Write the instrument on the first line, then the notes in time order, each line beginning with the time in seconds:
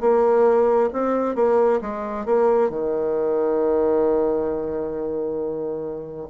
bassoon
0.00 A#3
0.93 C4
1.35 A#3
1.81 G#3
2.26 A#3
2.69 D#3